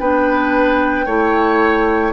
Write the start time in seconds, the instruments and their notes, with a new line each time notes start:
0.00 bassoon B3, clarinet D4, oboe B4, flute G5
1.06 bassoon A3, clarinet E4, oboe C#5